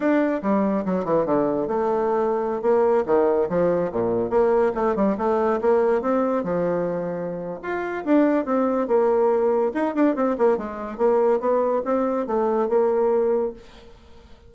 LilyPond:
\new Staff \with { instrumentName = "bassoon" } { \time 4/4 \tempo 4 = 142 d'4 g4 fis8 e8 d4 | a2~ a16 ais4 dis8.~ | dis16 f4 ais,4 ais4 a8 g16~ | g16 a4 ais4 c'4 f8.~ |
f2 f'4 d'4 | c'4 ais2 dis'8 d'8 | c'8 ais8 gis4 ais4 b4 | c'4 a4 ais2 | }